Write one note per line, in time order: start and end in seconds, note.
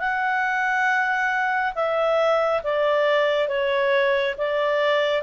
0.00 1.74 F#5
1.75 2.62 E5
2.64 3.49 D5
3.49 4.36 C#5
4.38 5.23 D5